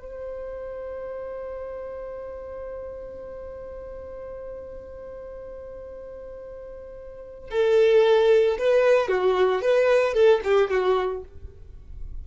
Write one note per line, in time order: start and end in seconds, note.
0.00 7.50 C5
7.50 8.57 A4
8.58 9.08 B4
9.08 9.61 F#4
9.61 10.14 B4
10.14 10.41 A4
10.44 10.70 G4
10.70 11.24 F#4